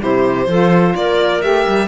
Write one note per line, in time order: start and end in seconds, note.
0.00 0.47 C3
0.00 0.47 E4
0.00 0.48 G4
0.00 0.96 C5
0.47 0.94 F3
0.47 1.42 F4
0.47 0.95 A4
0.96 1.42 A#3
0.96 1.88 A#4
0.96 1.42 D5
1.42 1.67 A3
1.42 1.88 G4
1.42 1.88 E5
1.68 1.88 G3